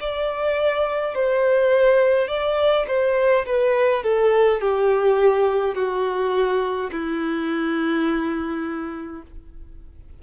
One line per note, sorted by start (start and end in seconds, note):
0.00 1.14 D5
1.14 2.28 C5
2.28 2.85 D5
2.87 3.45 C5
3.46 4.03 B4
4.03 4.60 A4
4.60 5.75 G4
5.75 6.90 F#4
6.91 9.22 E4